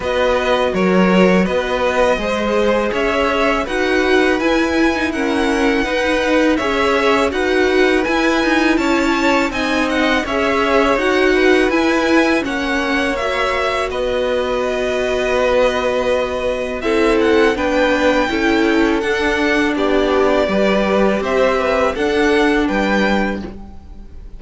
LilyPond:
<<
  \new Staff \with { instrumentName = "violin" } { \time 4/4 \tempo 4 = 82 dis''4 cis''4 dis''2 | e''4 fis''4 gis''4 fis''4~ | fis''4 e''4 fis''4 gis''4 | a''4 gis''8 fis''8 e''4 fis''4 |
gis''4 fis''4 e''4 dis''4~ | dis''2. e''8 fis''8 | g''2 fis''4 d''4~ | d''4 e''4 fis''4 g''4 | }
  \new Staff \with { instrumentName = "violin" } { \time 4/4 b'4 ais'4 b'4 c''4 | cis''4 b'2 ais'4 | b'4 cis''4 b'2 | cis''4 dis''4 cis''4. b'8~ |
b'4 cis''2 b'4~ | b'2. a'4 | b'4 a'2 g'4 | b'4 c''8 b'8 a'4 b'4 | }
  \new Staff \with { instrumentName = "viola" } { \time 4/4 fis'2. gis'4~ | gis'4 fis'4 e'8. dis'16 cis'4 | dis'4 gis'4 fis'4 e'4~ | e'4 dis'4 gis'4 fis'4 |
e'4 cis'4 fis'2~ | fis'2. e'4 | d'4 e'4 d'2 | g'2 d'2 | }
  \new Staff \with { instrumentName = "cello" } { \time 4/4 b4 fis4 b4 gis4 | cis'4 dis'4 e'2 | dis'4 cis'4 dis'4 e'8 dis'8 | cis'4 c'4 cis'4 dis'4 |
e'4 ais2 b4~ | b2. c'4 | b4 cis'4 d'4 b4 | g4 c'4 d'4 g4 | }
>>